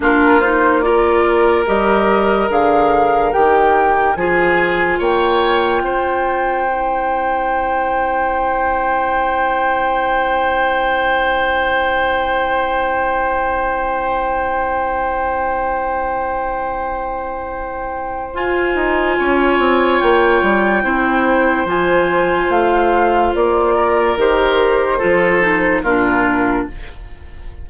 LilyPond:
<<
  \new Staff \with { instrumentName = "flute" } { \time 4/4 \tempo 4 = 72 ais'8 c''8 d''4 dis''4 f''4 | g''4 gis''4 g''2~ | g''1~ | g''1~ |
g''1~ | g''2 gis''2 | g''2 gis''4 f''4 | d''4 c''2 ais'4 | }
  \new Staff \with { instrumentName = "oboe" } { \time 4/4 f'4 ais'2.~ | ais'4 gis'4 cis''4 c''4~ | c''1~ | c''1~ |
c''1~ | c''2. cis''4~ | cis''4 c''2.~ | c''8 ais'4. a'4 f'4 | }
  \new Staff \with { instrumentName = "clarinet" } { \time 4/4 d'8 dis'8 f'4 g'4 gis'4 | g'4 f'2. | e'1~ | e'1~ |
e'1~ | e'2 f'2~ | f'4 e'4 f'2~ | f'4 g'4 f'8 dis'8 d'4 | }
  \new Staff \with { instrumentName = "bassoon" } { \time 4/4 ais2 g4 d4 | dis4 f4 ais4 c'4~ | c'1~ | c'1~ |
c'1~ | c'2 f'8 dis'8 cis'8 c'8 | ais8 g8 c'4 f4 a4 | ais4 dis4 f4 ais,4 | }
>>